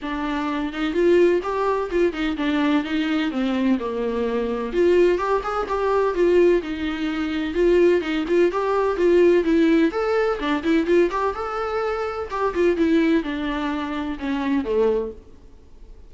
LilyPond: \new Staff \with { instrumentName = "viola" } { \time 4/4 \tempo 4 = 127 d'4. dis'8 f'4 g'4 | f'8 dis'8 d'4 dis'4 c'4 | ais2 f'4 g'8 gis'8 | g'4 f'4 dis'2 |
f'4 dis'8 f'8 g'4 f'4 | e'4 a'4 d'8 e'8 f'8 g'8 | a'2 g'8 f'8 e'4 | d'2 cis'4 a4 | }